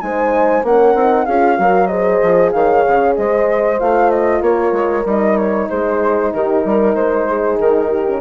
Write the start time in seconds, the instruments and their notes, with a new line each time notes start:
0.00 bassoon G#3, horn D#4 C5, flute G#5
0.62 bassoon A#3, horn C#4 A#4, flute F#5
0.94 bassoon C4, horn D#4
1.25 bassoon C#4, horn F4 G#4, flute F5
1.57 bassoon F#3, horn F#4 A#4
1.86 horn G#4 C5, flute D#5
2.22 bassoon F3
2.51 bassoon D#3, horn C#5, flute F5
2.87 bassoon C#3
3.16 bassoon G#3, horn C5, flute D#5
3.79 bassoon A3, horn F4, flute F5
4.10 flute D#5
4.41 bassoon A#3, horn A#4, flute C#5
4.72 bassoon G#3
5.05 bassoon G3, horn D#4, flute D#5
5.36 flute C#5
5.69 bassoon G#3, horn G#4, flute C5
6.33 bassoon D#3, horn G4, flute A#4
6.64 bassoon G3, horn A#4
6.95 bassoon G#3, flute C5
7.27 horn G#4
7.59 bassoon D#3, flute A#4
7.88 horn G4
8.06 horn C#4